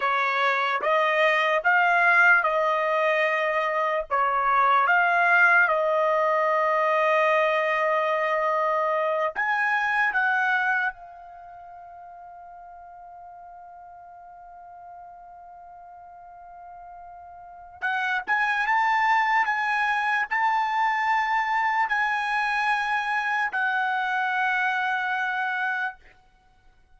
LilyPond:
\new Staff \with { instrumentName = "trumpet" } { \time 4/4 \tempo 4 = 74 cis''4 dis''4 f''4 dis''4~ | dis''4 cis''4 f''4 dis''4~ | dis''2.~ dis''8 gis''8~ | gis''8 fis''4 f''2~ f''8~ |
f''1~ | f''2 fis''8 gis''8 a''4 | gis''4 a''2 gis''4~ | gis''4 fis''2. | }